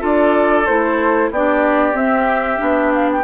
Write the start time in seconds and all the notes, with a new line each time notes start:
0.00 D4 F4 A4 D5
0.66 A3 E4 C5
1.31 B3 D4 G4 D5
1.94 C4 E5
2.58 B3 D4
2.94 F5
3.12 G5